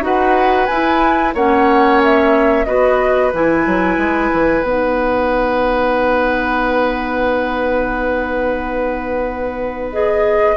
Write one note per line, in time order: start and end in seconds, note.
0.00 0.66 D#4
0.00 0.68 F#4
0.00 1.34 B4
0.00 0.66 F#5
0.66 1.34 E4
0.66 1.36 E4
0.66 1.32 G#5
1.34 2.66 A#3
1.34 2.66 C#4
1.34 2.66 C#5
1.34 2.02 F#5
2.04 2.65 E5
2.65 3.33 B3
2.65 3.32 F#4
2.65 10.56 B4
2.65 3.31 D#5
3.33 3.66 E3
3.33 4.64 E4
3.33 4.63 G#5
3.66 3.97 F#3
3.97 4.30 G#3
4.32 4.62 E3
4.62 10.56 B3
4.62 9.91 D#4
4.62 9.90 F#5
9.92 10.56 G#4
9.92 10.56 D#5